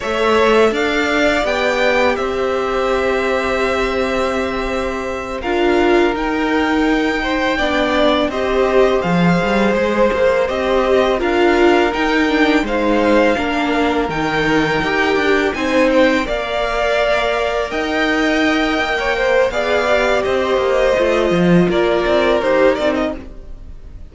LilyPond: <<
  \new Staff \with { instrumentName = "violin" } { \time 4/4 \tempo 4 = 83 e''4 f''4 g''4 e''4~ | e''2.~ e''8 f''8~ | f''8 g''2. dis''8~ | dis''8 f''4 c''4 dis''4 f''8~ |
f''8 g''4 f''2 g''8~ | g''4. gis''8 g''8 f''4.~ | f''8 g''2~ g''8 f''4 | dis''2 d''4 c''8 d''16 dis''16 | }
  \new Staff \with { instrumentName = "violin" } { \time 4/4 cis''4 d''2 c''4~ | c''2.~ c''8 ais'8~ | ais'2 c''8 d''4 c''8~ | c''2.~ c''8 ais'8~ |
ais'4. c''4 ais'4.~ | ais'4. c''4 d''4.~ | d''8 dis''4.~ dis''16 cis''16 c''8 d''4 | c''2 ais'2 | }
  \new Staff \with { instrumentName = "viola" } { \time 4/4 a'2 g'2~ | g'2.~ g'8 f'8~ | f'8 dis'2 d'4 g'8~ | g'8 gis'2 g'4 f'8~ |
f'8 dis'8 d'8 dis'4 d'4 dis'8~ | dis'8 g'4 dis'4 ais'4.~ | ais'2. gis'8 g'8~ | g'4 f'2 g'8 dis'8 | }
  \new Staff \with { instrumentName = "cello" } { \time 4/4 a4 d'4 b4 c'4~ | c'2.~ c'8 d'8~ | d'8 dis'2 b4 c'8~ | c'8 f8 g8 gis8 ais8 c'4 d'8~ |
d'8 dis'4 gis4 ais4 dis8~ | dis8 dis'8 d'8 c'4 ais4.~ | ais8 dis'4. ais4 b4 | c'8 ais8 a8 f8 ais8 c'8 dis'8 c'8 | }
>>